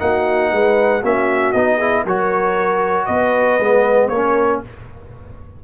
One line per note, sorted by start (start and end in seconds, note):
0.00 0.53 A#3
0.00 1.03 D#4
0.00 0.51 F#4
0.00 1.03 F#5
0.51 1.03 G#3
0.51 1.02 B4
1.02 1.54 A#3
1.02 1.55 C#4
1.02 1.77 F#4
1.02 1.53 E5
1.53 2.06 B3
1.53 1.81 D#4
1.53 2.04 D#5
1.77 2.06 E4
1.77 2.03 G#4
2.04 3.08 F#3
2.04 3.62 F#4
2.04 3.07 A#4
2.04 3.06 C#5
3.06 3.60 B3
3.06 4.09 B4
3.06 4.09 D#5
3.60 4.10 G#3
3.60 4.13 B3
4.09 4.61 A#3
4.09 4.65 C#4
4.09 4.62 A#4
4.09 4.60 C#5